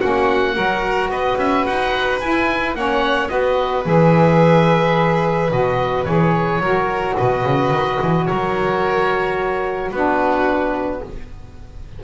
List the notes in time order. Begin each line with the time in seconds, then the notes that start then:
0.00 A#3 C#4 F#4 F#5
0.55 F#3 F#4 A#4
1.09 B3 B4 D#5
1.38 C#4 E5
1.66 D#4 F#5
2.20 E4 G#5
2.75 A#3 C#4 C#5 F#5
3.28 B3 F#4 B4 D#5
3.84 E3 G#4 E5
5.51 B2 F#4 D#5
6.05 E3 G#4 C#5
6.59 F#3 F#4 A#4
7.17 B2 B4 D#5
7.44 C#3
7.71 D#3
8.02 E3
8.26 F#3 A#4 C#5
9.91 B3 D4 F#4 B4